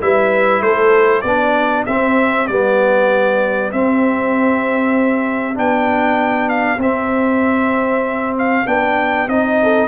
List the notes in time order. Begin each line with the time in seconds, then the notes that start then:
0.00 G3 E4 B4 E5
0.61 A3 A4 C5
1.22 B3 D4 G4 D5
1.86 C4 E5
2.47 G3 B3 D5
3.72 C4 E5
5.55 B3 D4 G5
6.49 F5
6.78 C4 E5
8.38 F5
8.66 B3 D4 G5
9.28 C4 D#4 D#5
9.62 A4